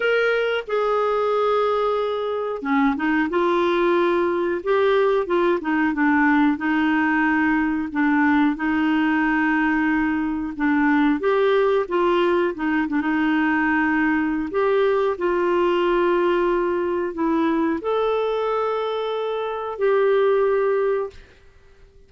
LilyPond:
\new Staff \with { instrumentName = "clarinet" } { \time 4/4 \tempo 4 = 91 ais'4 gis'2. | cis'8 dis'8 f'2 g'4 | f'8 dis'8 d'4 dis'2 | d'4 dis'2. |
d'4 g'4 f'4 dis'8 d'16 dis'16~ | dis'2 g'4 f'4~ | f'2 e'4 a'4~ | a'2 g'2 | }